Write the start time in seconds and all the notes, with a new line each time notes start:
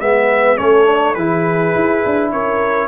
0.00 G#3 B3 B4 E5
0.57 A3 C#4 A4 C#5
0.85 D4
1.14 E3 E4 G#4 B4
1.75 E4
2.05 D4
2.32 C#4 A#4 C#5